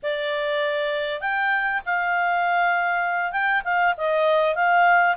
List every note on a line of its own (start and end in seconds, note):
0.02 1.20 D5
1.20 1.81 G5
1.85 3.31 F5
3.31 3.62 G5
3.64 3.94 F5
3.97 4.55 D#5
4.55 5.15 F5